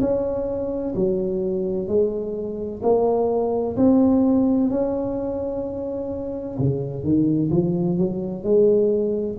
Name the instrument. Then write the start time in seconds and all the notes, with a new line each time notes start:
tuba
0.00 C#4
0.95 F#3
1.87 G#3
2.82 A#3
3.76 C4
4.70 C#4
6.58 C#3
7.04 D#3
7.51 F3
7.97 F#3
8.43 G#3